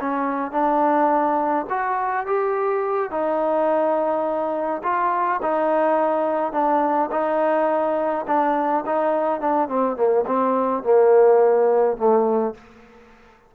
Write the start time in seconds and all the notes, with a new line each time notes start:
0.00 C#4
0.52 D4
1.69 F#4
2.26 G4
3.10 D#4
4.83 F4
5.42 D#4
6.52 D4
7.11 D#4
8.27 D4
8.86 D#4
9.40 D4
9.68 C4
9.96 A#3
10.26 C4
10.83 A#3
11.97 A3